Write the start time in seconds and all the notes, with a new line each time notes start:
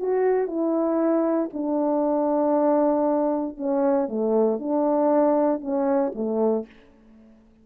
0.00 F#4
0.48 E4
1.54 D4
3.58 C#4
4.09 A3
4.59 D4
5.61 C#4
6.15 A3